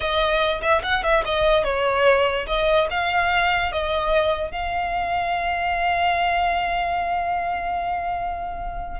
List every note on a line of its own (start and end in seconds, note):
0.00 0.61 D#5
0.61 0.82 E5
0.83 1.03 F#5
1.03 1.23 E5
1.25 1.63 D#5
1.63 2.46 C#5
2.46 2.87 D#5
2.90 3.72 F5
3.72 4.51 D#5
4.51 9.00 F5